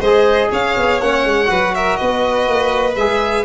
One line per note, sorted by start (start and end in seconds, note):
0.00 0.50 G#3
0.00 1.02 G#4
0.00 0.49 C5
0.00 0.51 D#5
0.52 0.77 C#4
0.52 1.50 C#5
0.52 1.01 F5
0.77 1.01 B3
1.01 1.25 A#3
1.01 1.46 C#4
1.01 1.75 F#5
1.25 1.50 G#3
1.46 2.00 F#3
1.46 2.94 F#4
1.46 1.75 B4
1.75 1.99 A#4
1.75 1.97 E5
1.97 2.49 B3
1.97 3.45 B4
1.97 2.95 D#5
2.49 2.96 A#3
2.96 3.45 G#3
2.96 3.45 G#4
2.96 3.45 E5